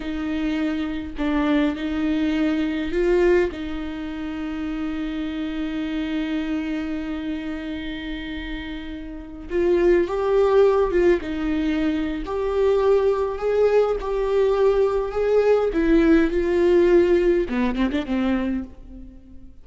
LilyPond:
\new Staff \with { instrumentName = "viola" } { \time 4/4 \tempo 4 = 103 dis'2 d'4 dis'4~ | dis'4 f'4 dis'2~ | dis'1~ | dis'1~ |
dis'16 f'4 g'4. f'8 dis'8.~ | dis'4 g'2 gis'4 | g'2 gis'4 e'4 | f'2 b8 c'16 d'16 c'4 | }